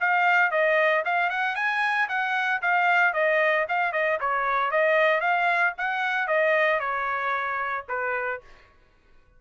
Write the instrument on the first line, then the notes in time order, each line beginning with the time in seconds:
trumpet
0.00 F5
0.51 D#5
1.05 F5
1.29 F#5
1.55 G#5
2.08 F#5
2.61 F5
3.13 D#5
3.68 F5
3.92 D#5
4.20 C#5
4.71 D#5
5.20 F5
5.77 F#5
6.27 D#5
6.80 C#5
7.88 B4